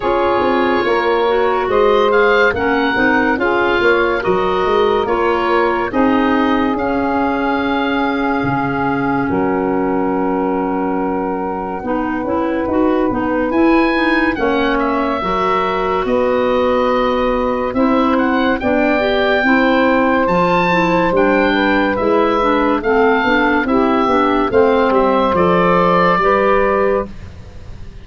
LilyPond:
<<
  \new Staff \with { instrumentName = "oboe" } { \time 4/4 \tempo 4 = 71 cis''2 dis''8 f''8 fis''4 | f''4 dis''4 cis''4 dis''4 | f''2. fis''4~ | fis''1 |
gis''4 fis''8 e''4. dis''4~ | dis''4 e''8 fis''8 g''2 | a''4 g''4 e''4 f''4 | e''4 f''8 e''8 d''2 | }
  \new Staff \with { instrumentName = "saxophone" } { \time 4/4 gis'4 ais'4 c''4 ais'4 | gis'8 cis''8 ais'2 gis'4~ | gis'2. ais'4~ | ais'2 b'2~ |
b'4 cis''4 ais'4 b'4~ | b'4 c''4 d''4 c''4~ | c''4. b'4. a'4 | g'4 c''2 b'4 | }
  \new Staff \with { instrumentName = "clarinet" } { \time 4/4 f'4. fis'4 gis'8 cis'8 dis'8 | f'4 fis'4 f'4 dis'4 | cis'1~ | cis'2 dis'8 e'8 fis'8 dis'8 |
e'8 dis'8 cis'4 fis'2~ | fis'4 e'4 d'8 g'8 e'4 | f'8 e'8 d'4 e'8 d'8 c'8 d'8 | e'8 d'8 c'4 a'4 g'4 | }
  \new Staff \with { instrumentName = "tuba" } { \time 4/4 cis'8 c'8 ais4 gis4 ais8 c'8 | cis'8 ais8 fis8 gis8 ais4 c'4 | cis'2 cis4 fis4~ | fis2 b8 cis'8 dis'8 b8 |
e'4 ais4 fis4 b4~ | b4 c'4 b4 c'4 | f4 g4 gis4 a8 b8 | c'8 b8 a8 g8 f4 g4 | }
>>